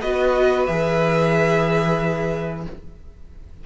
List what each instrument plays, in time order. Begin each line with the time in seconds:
0.00 cello B3, viola F#4, violin B4 D#5
0.66 cello E3, viola G#4, violin E5